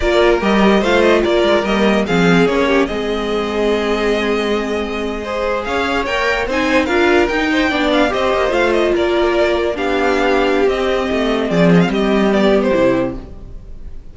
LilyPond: <<
  \new Staff \with { instrumentName = "violin" } { \time 4/4 \tempo 4 = 146 d''4 dis''4 f''8 dis''8 d''4 | dis''4 f''4 cis''4 dis''4~ | dis''1~ | dis''4.~ dis''16 f''4 g''4 gis''16~ |
gis''8. f''4 g''4. f''8 dis''16~ | dis''8. f''8 dis''8 d''2 f''16~ | f''2 dis''2 | d''8 dis''16 f''16 dis''4 d''8. c''4~ c''16 | }
  \new Staff \with { instrumentName = "violin" } { \time 4/4 ais'2 c''4 ais'4~ | ais'4 gis'4. g'8 gis'4~ | gis'1~ | gis'8. c''4 cis''2 c''16~ |
c''8. ais'4. c''8 d''4 c''16~ | c''4.~ c''16 ais'2 g'16~ | g'1 | gis'4 g'2. | }
  \new Staff \with { instrumentName = "viola" } { \time 4/4 f'4 g'4 f'2 | ais4 c'4 cis'4 c'4~ | c'1~ | c'8. gis'2 ais'4 dis'16~ |
dis'8. f'4 dis'4 d'4 g'16~ | g'8. f'2. d'16~ | d'2 c'2~ | c'2 b4 e'4 | }
  \new Staff \with { instrumentName = "cello" } { \time 4/4 ais4 g4 a4 ais8 gis8 | g4 f4 ais4 gis4~ | gis1~ | gis4.~ gis16 cis'4 ais4 c'16~ |
c'8. d'4 dis'4 b4 c'16~ | c'16 ais8 a4 ais2 b16~ | b2 c'4 a4 | f4 g2 c4 | }
>>